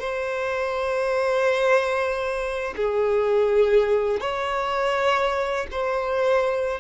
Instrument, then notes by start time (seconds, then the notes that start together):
violin
0.00 C5
2.76 G#4
4.20 C#5
5.71 C5